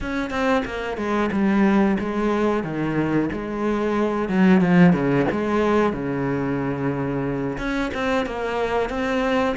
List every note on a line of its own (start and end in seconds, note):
0.00 0.30 C#4
0.30 0.63 C4
0.65 0.97 A#3
0.97 1.30 G#3
1.32 1.98 G3
1.99 2.63 G#3
2.63 3.29 D#3
3.32 4.29 G#3
4.29 4.60 F#3
4.60 4.93 F3
4.93 5.26 C#3
5.31 5.92 G#3
5.92 7.57 C#3
7.58 7.91 C#4
7.94 8.26 C4
8.26 8.89 A#3
8.89 9.55 C4